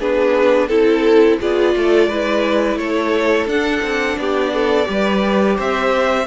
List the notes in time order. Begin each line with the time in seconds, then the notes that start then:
0.00 B3 D4 G#4 B4
0.67 C4 E4 A4
1.40 B3 F4 G#4 D5
1.75 A3 A4
2.07 G#3 E4 B4
2.76 A3 A4 C#5
3.46 D4 F#5
3.82 C4
4.18 B3 G4 D5
4.54 A4
4.85 G3 G4 B4
5.56 C4 C5 E5